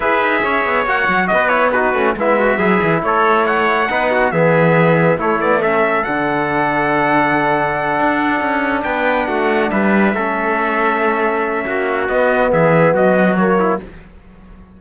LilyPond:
<<
  \new Staff \with { instrumentName = "trumpet" } { \time 4/4 \tempo 4 = 139 e''2 fis''4 dis''8 cis''8 | b'4 e''2 cis''4 | fis''2 e''2 | cis''8 d''8 e''4 fis''2~ |
fis''1~ | fis''8 g''4 fis''4 e''4.~ | e''1 | dis''4 e''4 dis''4 cis''4 | }
  \new Staff \with { instrumentName = "trumpet" } { \time 4/4 b'4 cis''2 b'4 | fis'4 e'8 fis'8 gis'4 a'4 | cis''4 b'8 fis'8 gis'2 | e'4 a'2.~ |
a'1~ | a'8 b'4 fis'4 b'4 a'8~ | a'2. fis'4~ | fis'4 gis'4 fis'4. e'8 | }
  \new Staff \with { instrumentName = "trombone" } { \time 4/4 gis'2 fis'4. e'8 | dis'8 cis'8 b4 e'2~ | e'4 dis'4 b2 | a8 b8 cis'4 d'2~ |
d'1~ | d'2.~ d'8 cis'8~ | cis'1 | b2. ais4 | }
  \new Staff \with { instrumentName = "cello" } { \time 4/4 e'8 dis'8 cis'8 b8 ais8 fis8 b4~ | b8 a8 gis4 fis8 e8 a4~ | a4 b4 e2 | a2 d2~ |
d2~ d8 d'4 cis'8~ | cis'8 b4 a4 g4 a8~ | a2. ais4 | b4 e4 fis2 | }
>>